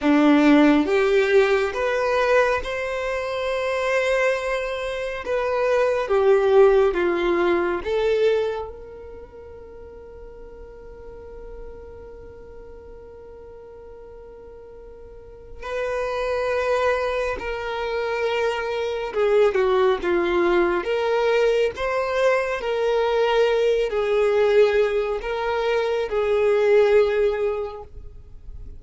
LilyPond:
\new Staff \with { instrumentName = "violin" } { \time 4/4 \tempo 4 = 69 d'4 g'4 b'4 c''4~ | c''2 b'4 g'4 | f'4 a'4 ais'2~ | ais'1~ |
ais'2 b'2 | ais'2 gis'8 fis'8 f'4 | ais'4 c''4 ais'4. gis'8~ | gis'4 ais'4 gis'2 | }